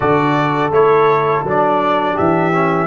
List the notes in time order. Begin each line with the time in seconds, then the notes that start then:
0.00 D3 F#4 A4 D5
0.71 A3 E4 C#5
1.43 F#3 D4 D5
2.14 E3 G4 E5
2.52 C#4